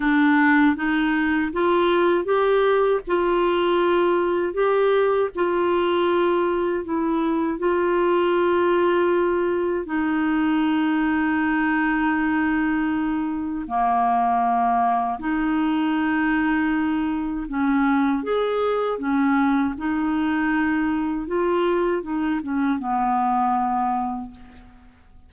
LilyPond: \new Staff \with { instrumentName = "clarinet" } { \time 4/4 \tempo 4 = 79 d'4 dis'4 f'4 g'4 | f'2 g'4 f'4~ | f'4 e'4 f'2~ | f'4 dis'2.~ |
dis'2 ais2 | dis'2. cis'4 | gis'4 cis'4 dis'2 | f'4 dis'8 cis'8 b2 | }